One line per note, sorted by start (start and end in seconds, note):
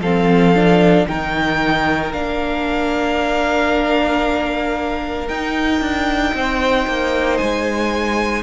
0.00 1.05 F3
0.00 0.55 C4
0.00 1.07 A4
0.00 1.08 F5
0.55 1.08 D4
1.08 2.13 D#3
1.08 2.13 D#4
1.08 6.35 A#4
1.08 2.13 G5
2.13 5.28 A#3
2.13 5.29 D4
2.13 5.29 F5
5.28 5.80 D#4
5.28 8.43 D#4
5.28 7.38 G5
5.80 6.33 D4
6.34 6.87 C4
6.34 8.43 C5
6.87 7.40 A#3
7.38 8.43 G#3
7.38 8.43 G#5